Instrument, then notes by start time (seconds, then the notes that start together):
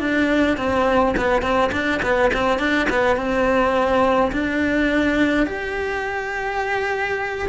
cello
0.00 D4
0.58 C4
1.17 B3
1.42 C4
1.72 D4
2.03 B3
2.34 C4
2.59 D4
2.90 B3
3.17 C4
4.32 D4
5.47 G4